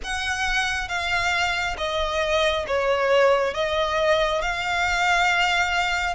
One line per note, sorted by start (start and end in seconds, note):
0.03 0.88 F#5
0.88 1.76 F5
1.77 2.65 D#5
2.67 3.53 C#5
3.53 4.41 D#5
4.41 6.14 F5